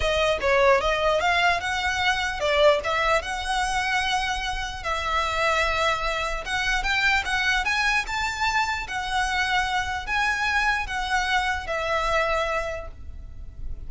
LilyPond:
\new Staff \with { instrumentName = "violin" } { \time 4/4 \tempo 4 = 149 dis''4 cis''4 dis''4 f''4 | fis''2 d''4 e''4 | fis''1 | e''1 |
fis''4 g''4 fis''4 gis''4 | a''2 fis''2~ | fis''4 gis''2 fis''4~ | fis''4 e''2. | }